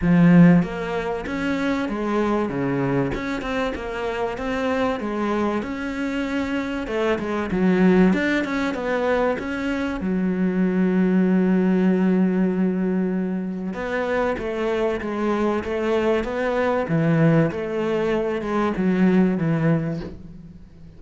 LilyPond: \new Staff \with { instrumentName = "cello" } { \time 4/4 \tempo 4 = 96 f4 ais4 cis'4 gis4 | cis4 cis'8 c'8 ais4 c'4 | gis4 cis'2 a8 gis8 | fis4 d'8 cis'8 b4 cis'4 |
fis1~ | fis2 b4 a4 | gis4 a4 b4 e4 | a4. gis8 fis4 e4 | }